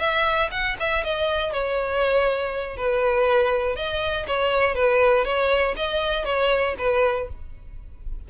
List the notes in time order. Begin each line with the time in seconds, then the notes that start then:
0.00 E5
0.52 F#5
0.80 E5
1.04 D#5
1.53 C#5
2.77 B4
3.77 D#5
4.28 C#5
4.75 B4
5.25 C#5
5.77 D#5
6.25 C#5
6.79 B4